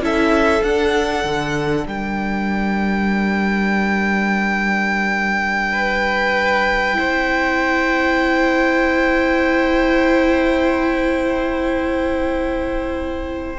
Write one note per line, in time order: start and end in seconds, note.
0.00 0.62 C#4
0.00 0.63 E4
0.00 1.89 A4
0.00 0.63 E5
0.63 1.24 D4
0.63 6.93 D4
0.63 1.87 F#5
1.24 1.86 D3
1.87 6.97 G3
1.87 5.73 A#4
1.87 13.59 G5
5.73 6.97 B4
6.93 13.59 C4
6.93 13.58 E4
6.93 13.59 C5